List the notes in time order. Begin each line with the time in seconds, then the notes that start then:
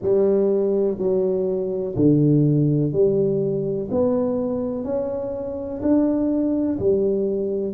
0.02 G3
0.98 F#3
1.96 D3
2.92 G3
3.91 B3
4.84 C#4
5.82 D4
6.79 G3